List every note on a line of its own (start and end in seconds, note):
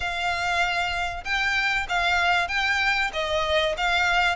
0.00 1.24 F5
1.24 1.86 G5
1.88 2.48 F5
2.48 3.10 G5
3.12 3.75 D#5
3.77 4.36 F5